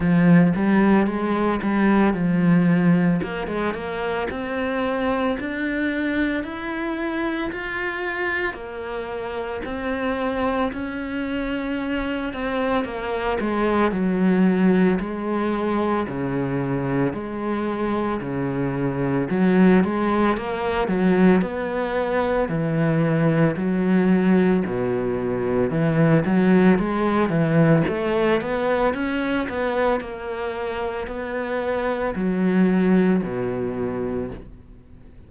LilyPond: \new Staff \with { instrumentName = "cello" } { \time 4/4 \tempo 4 = 56 f8 g8 gis8 g8 f4 ais16 gis16 ais8 | c'4 d'4 e'4 f'4 | ais4 c'4 cis'4. c'8 | ais8 gis8 fis4 gis4 cis4 |
gis4 cis4 fis8 gis8 ais8 fis8 | b4 e4 fis4 b,4 | e8 fis8 gis8 e8 a8 b8 cis'8 b8 | ais4 b4 fis4 b,4 | }